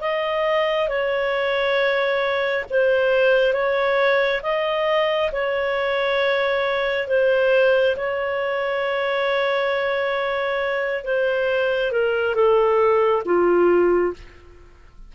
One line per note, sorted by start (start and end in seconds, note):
0.00 0.88 D#5
0.88 2.65 C#5
2.70 3.53 C5
3.53 4.41 C#5
4.42 5.31 D#5
5.32 7.07 C#5
7.07 7.96 C5
7.96 11.04 C#5
11.04 11.91 C5
11.91 12.34 A#4
12.34 13.23 A4
13.25 14.13 F4